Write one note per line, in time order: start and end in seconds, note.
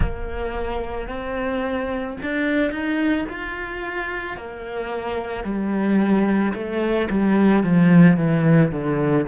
0.00 1.08 A#3
1.08 2.17 C4
2.22 2.71 D4
2.71 3.25 D#4
3.29 4.36 F4
4.36 5.43 A#3
5.43 6.53 G3
6.54 7.08 A3
7.10 7.63 G3
7.63 8.17 F3
8.17 8.71 E3
8.71 9.26 D3